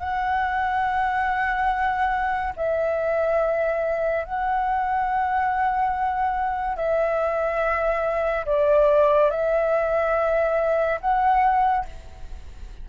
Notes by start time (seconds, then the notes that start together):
0.00 F#5
2.57 E5
4.25 F#5
6.77 E5
8.46 D5
9.31 E5
11.01 F#5